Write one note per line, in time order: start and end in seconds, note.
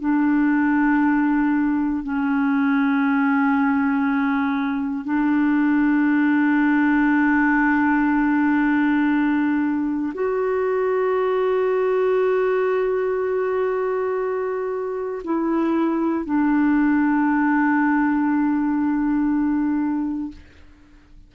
0.00 2.03 D4
2.03 5.04 C#4
5.04 10.13 D4
10.14 15.22 F#4
15.24 16.25 E4
16.25 20.32 D4